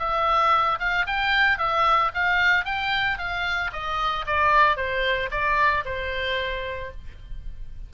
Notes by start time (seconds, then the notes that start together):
0.00 E5
0.80 F5
1.07 G5
1.59 E5
2.15 F5
2.65 G5
3.19 F5
3.73 D#5
4.27 D5
4.77 C5
5.32 D5
5.86 C5